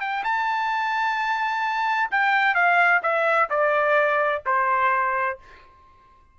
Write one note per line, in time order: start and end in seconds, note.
0.00 0.23 G5
0.24 2.10 A5
2.11 2.54 G5
2.54 3.01 F5
3.02 3.49 E5
3.49 4.42 D5
4.45 5.38 C5